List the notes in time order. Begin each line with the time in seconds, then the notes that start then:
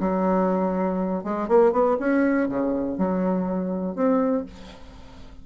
0.00 F#3
1.24 G#3
1.48 A#3
1.72 B3
1.99 C#4
2.48 C#3
2.98 F#3
3.95 C4